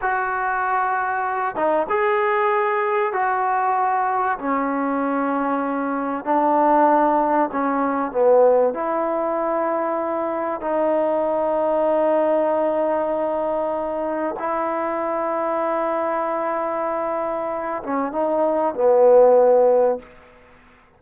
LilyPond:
\new Staff \with { instrumentName = "trombone" } { \time 4/4 \tempo 4 = 96 fis'2~ fis'8 dis'8 gis'4~ | gis'4 fis'2 cis'4~ | cis'2 d'2 | cis'4 b4 e'2~ |
e'4 dis'2.~ | dis'2. e'4~ | e'1~ | e'8 cis'8 dis'4 b2 | }